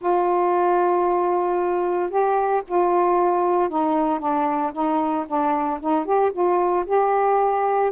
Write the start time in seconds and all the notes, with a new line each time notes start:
0.01 F4
2.10 G4
2.67 F4
3.69 D#4
4.19 D4
4.72 D#4
5.27 D4
5.80 D#4
6.05 G4
6.32 F4
6.86 G4